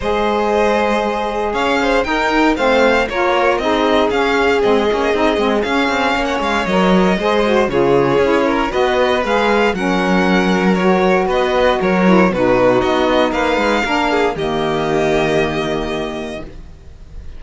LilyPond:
<<
  \new Staff \with { instrumentName = "violin" } { \time 4/4 \tempo 4 = 117 dis''2. f''4 | g''4 f''4 cis''4 dis''4 | f''4 dis''2 f''4~ | f''16 fis''16 f''8 dis''2 cis''4~ |
cis''4 dis''4 f''4 fis''4~ | fis''4 cis''4 dis''4 cis''4 | b'4 dis''4 f''2 | dis''1 | }
  \new Staff \with { instrumentName = "violin" } { \time 4/4 c''2. cis''8 c''8 | ais'4 c''4 ais'4 gis'4~ | gis'1 | cis''2 c''4 gis'4~ |
gis'8 ais'8 b'2 ais'4~ | ais'2 b'4 ais'4 | fis'2 b'4 ais'8 gis'8 | g'1 | }
  \new Staff \with { instrumentName = "saxophone" } { \time 4/4 gis'1 | dis'4 c'4 f'4 dis'4 | cis'4 c'8 cis'8 dis'8 c'8 cis'4~ | cis'4 ais'4 gis'8 fis'8 f'4 |
e'4 fis'4 gis'4 cis'4~ | cis'4 fis'2~ fis'8 e'8 | dis'2. d'4 | ais1 | }
  \new Staff \with { instrumentName = "cello" } { \time 4/4 gis2. cis'4 | dis'4 a4 ais4 c'4 | cis'4 gis8 ais8 c'8 gis8 cis'8 c'8 | ais8 gis8 fis4 gis4 cis4 |
cis'4 b4 gis4 fis4~ | fis2 b4 fis4 | b,4 b4 ais8 gis8 ais4 | dis1 | }
>>